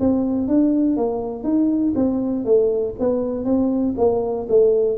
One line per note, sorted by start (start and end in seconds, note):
0.00 0.48 C4
0.48 0.96 D4
0.96 1.43 A#3
1.43 1.93 D#4
1.95 2.45 C4
2.45 2.95 A3
2.99 3.45 B3
3.45 3.95 C4
3.97 4.47 A#3
4.49 4.97 A3